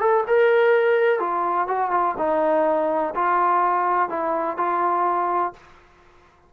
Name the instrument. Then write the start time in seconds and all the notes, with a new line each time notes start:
trombone
0.00 A4
0.27 A#4
1.20 F4
1.68 F#4
1.91 F4
2.18 D#4
3.15 F4
4.09 E4
4.57 F4